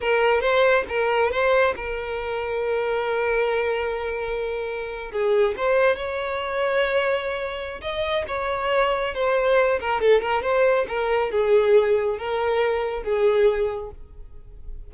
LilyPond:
\new Staff \with { instrumentName = "violin" } { \time 4/4 \tempo 4 = 138 ais'4 c''4 ais'4 c''4 | ais'1~ | ais'2.~ ais'8. gis'16~ | gis'8. c''4 cis''2~ cis''16~ |
cis''2 dis''4 cis''4~ | cis''4 c''4. ais'8 a'8 ais'8 | c''4 ais'4 gis'2 | ais'2 gis'2 | }